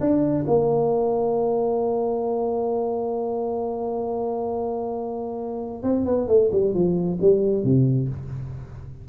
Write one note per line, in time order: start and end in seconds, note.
0.00 0.45 D4
0.47 5.83 A#3
5.83 6.05 C4
6.05 6.28 B3
6.28 6.50 A3
6.52 6.74 G3
6.74 7.19 F3
7.21 7.64 G3
7.64 8.08 C3